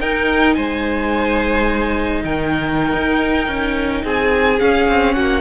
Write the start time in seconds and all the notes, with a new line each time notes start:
0.00 D#4 A#4 G5
0.55 G#3 C5 G#5
2.24 D#3 A#4 G5
2.93 D#4
3.48 C#4
4.04 C4 G#4 G#5
4.59 C#4 F5
4.88 C4
5.13 A#3 F#4 F#5